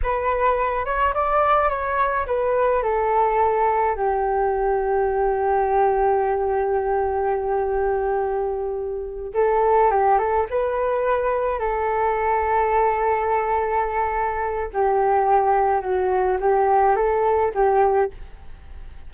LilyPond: \new Staff \with { instrumentName = "flute" } { \time 4/4 \tempo 4 = 106 b'4. cis''8 d''4 cis''4 | b'4 a'2 g'4~ | g'1~ | g'1~ |
g'8 a'4 g'8 a'8 b'4.~ | b'8 a'2.~ a'8~ | a'2 g'2 | fis'4 g'4 a'4 g'4 | }